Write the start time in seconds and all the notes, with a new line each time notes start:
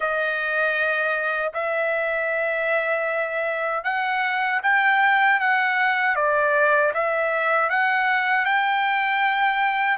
0.00 D#5
1.53 E5
3.84 F#5
4.63 G5
5.40 F#5
6.15 D5
6.93 E5
7.69 F#5
8.45 G5